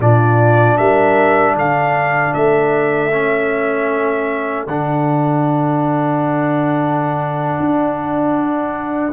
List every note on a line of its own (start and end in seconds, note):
0.00 0.78 A#2
0.00 3.12 D4
0.00 0.79 F4
0.00 0.77 D5
0.77 1.55 G3
0.77 1.56 A#4
0.77 1.55 E5
1.55 2.33 D3
1.55 9.13 A4
1.55 2.34 F5
2.34 4.67 A3
2.34 4.67 E5
3.12 4.68 C#4
4.67 7.59 D3
4.67 9.13 D4
4.67 9.13 F#5
7.60 9.13 D4